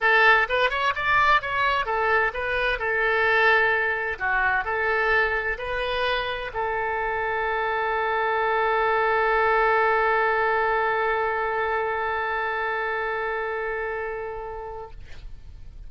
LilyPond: \new Staff \with { instrumentName = "oboe" } { \time 4/4 \tempo 4 = 129 a'4 b'8 cis''8 d''4 cis''4 | a'4 b'4 a'2~ | a'4 fis'4 a'2 | b'2 a'2~ |
a'1~ | a'1~ | a'1~ | a'1 | }